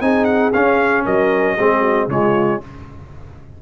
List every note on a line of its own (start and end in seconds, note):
0.00 0.52 C4
0.00 0.52 D#4
0.00 1.04 G#4
0.00 0.24 G#5
0.24 0.50 F#5
0.53 1.05 C#4
0.53 1.57 C#4
0.53 1.04 F5
1.04 1.57 F#3
1.04 1.56 A#4
1.04 2.09 D#5
1.56 2.07 G#3
1.56 2.09 C4
1.56 1.80 G#4
1.80 2.06 F#4
2.07 2.59 C#3
2.07 2.61 G#3
2.07 2.62 F4
2.07 2.61 C#5